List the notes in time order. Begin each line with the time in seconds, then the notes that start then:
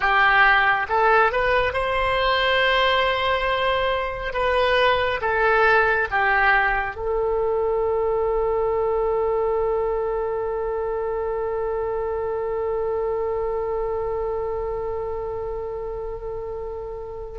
0.00 G4
0.89 A4
1.32 B4
1.73 C5
4.33 B4
5.21 A4
6.11 G4
6.95 A4